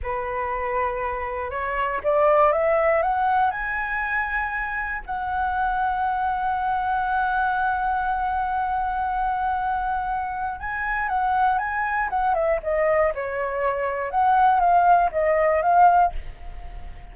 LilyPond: \new Staff \with { instrumentName = "flute" } { \time 4/4 \tempo 4 = 119 b'2. cis''4 | d''4 e''4 fis''4 gis''4~ | gis''2 fis''2~ | fis''1~ |
fis''1~ | fis''4 gis''4 fis''4 gis''4 | fis''8 e''8 dis''4 cis''2 | fis''4 f''4 dis''4 f''4 | }